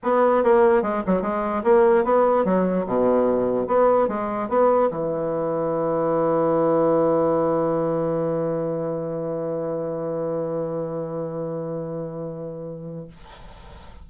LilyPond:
\new Staff \with { instrumentName = "bassoon" } { \time 4/4 \tempo 4 = 147 b4 ais4 gis8 fis8 gis4 | ais4 b4 fis4 b,4~ | b,4 b4 gis4 b4 | e1~ |
e1~ | e1~ | e1~ | e1 | }